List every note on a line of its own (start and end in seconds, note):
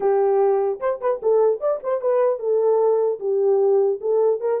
0.00 0.79 G4
0.79 0.99 C5
1.01 1.21 B4
1.22 1.60 A4
1.60 1.80 D5
1.83 2.01 C5
2.01 2.39 B4
2.39 3.19 A4
3.19 3.99 G4
4.00 4.40 A4
4.40 4.60 A#4